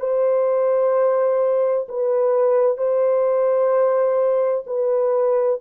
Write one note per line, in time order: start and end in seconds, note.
0.00 1.87 C5
1.89 2.78 B4
2.78 4.65 C5
4.67 5.61 B4